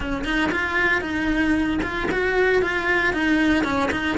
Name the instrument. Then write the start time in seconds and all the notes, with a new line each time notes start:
cello
0.00 C#4
0.24 D#4
0.51 F4
1.01 D#4
1.82 F4
2.11 F#4
2.62 F4
3.13 D#4
3.64 C#4
3.91 D#4